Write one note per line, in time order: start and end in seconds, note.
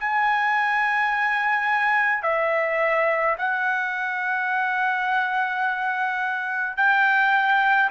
0.00 2.23 G#5
2.23 3.37 E5
3.38 6.77 F#5
6.77 7.90 G5